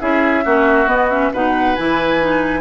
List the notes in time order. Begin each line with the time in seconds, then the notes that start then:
0.00 C#4 E4 G#4 E5
0.44 A#3 C#4 F#4
0.87 B3 D#5
1.10 C#4 E5
1.33 B2 D#4 B4 F#5
1.76 E3 E4 G#5
2.20 D#4